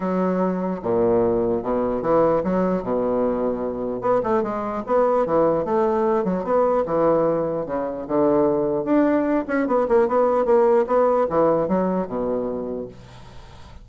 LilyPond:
\new Staff \with { instrumentName = "bassoon" } { \time 4/4 \tempo 4 = 149 fis2 ais,2 | b,4 e4 fis4 b,4~ | b,2 b8 a8 gis4 | b4 e4 a4. fis8 |
b4 e2 cis4 | d2 d'4. cis'8 | b8 ais8 b4 ais4 b4 | e4 fis4 b,2 | }